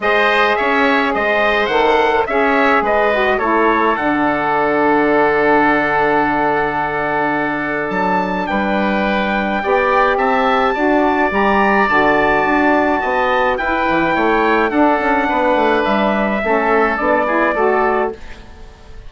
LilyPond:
<<
  \new Staff \with { instrumentName = "trumpet" } { \time 4/4 \tempo 4 = 106 dis''4 e''4 dis''4 fis''4 | e''4 dis''4 cis''4 fis''4~ | fis''1~ | fis''2 a''4 g''4~ |
g''2 a''2 | ais''4 a''2. | g''2 fis''2 | e''2 d''2 | }
  \new Staff \with { instrumentName = "oboe" } { \time 4/4 c''4 cis''4 c''2 | cis''4 b'4 a'2~ | a'1~ | a'2. b'4~ |
b'4 d''4 e''4 d''4~ | d''2. dis''4 | b'4 cis''4 a'4 b'4~ | b'4 a'4. gis'8 a'4 | }
  \new Staff \with { instrumentName = "saxophone" } { \time 4/4 gis'2. a'4 | gis'4. fis'8 e'4 d'4~ | d'1~ | d'1~ |
d'4 g'2 fis'4 | g'4 fis'2. | e'2 d'2~ | d'4 cis'4 d'8 e'8 fis'4 | }
  \new Staff \with { instrumentName = "bassoon" } { \time 4/4 gis4 cis'4 gis4 dis4 | cis'4 gis4 a4 d4~ | d1~ | d2 fis4 g4~ |
g4 b4 c'4 d'4 | g4 d4 d'4 b4 | e'8 e8 a4 d'8 cis'8 b8 a8 | g4 a4 b4 a4 | }
>>